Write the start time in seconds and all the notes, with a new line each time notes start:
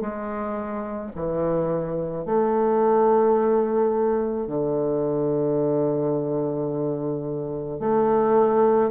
0.00 G#3
1.15 E3
2.25 A3
4.47 D3
7.79 A3